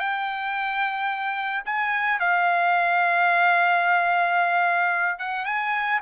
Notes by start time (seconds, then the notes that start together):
0.00 G5
1.66 G#5
2.20 F5
5.19 F#5
5.46 G#5